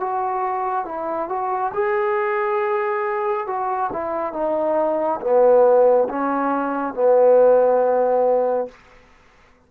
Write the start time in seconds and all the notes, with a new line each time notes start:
0.00 F#4
0.85 E4
1.29 F#4
1.74 G#4
3.47 F#4
3.92 E4
4.33 D#4
5.21 B3
6.09 C#4
6.94 B3